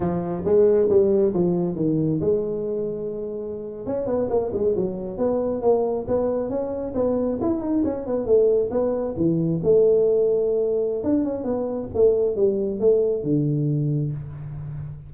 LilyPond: \new Staff \with { instrumentName = "tuba" } { \time 4/4 \tempo 4 = 136 f4 gis4 g4 f4 | dis4 gis2.~ | gis8. cis'8 b8 ais8 gis8 fis4 b16~ | b8. ais4 b4 cis'4 b16~ |
b8. e'8 dis'8 cis'8 b8 a4 b16~ | b8. e4 a2~ a16~ | a4 d'8 cis'8 b4 a4 | g4 a4 d2 | }